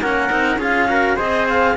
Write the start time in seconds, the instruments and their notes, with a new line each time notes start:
0.00 cello A#3 C#4, trumpet A#4, clarinet F#5
0.29 cello C4 D#4
0.56 cello C#4 F4, trumpet G#4, clarinet F5
0.88 cello F#4, trumpet A#4
1.15 cello C4 G#4, trumpet C5, clarinet D#5
1.48 clarinet F5